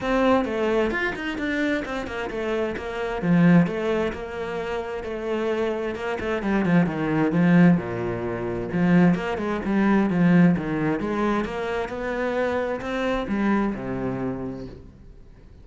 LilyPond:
\new Staff \with { instrumentName = "cello" } { \time 4/4 \tempo 4 = 131 c'4 a4 f'8 dis'8 d'4 | c'8 ais8 a4 ais4 f4 | a4 ais2 a4~ | a4 ais8 a8 g8 f8 dis4 |
f4 ais,2 f4 | ais8 gis8 g4 f4 dis4 | gis4 ais4 b2 | c'4 g4 c2 | }